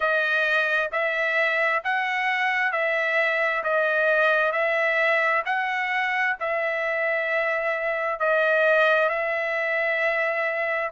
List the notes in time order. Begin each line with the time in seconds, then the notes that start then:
0.00 D#5
0.91 E5
1.83 F#5
2.72 E5
3.63 D#5
4.52 E5
5.45 F#5
6.40 E5
8.19 D#5
9.09 E5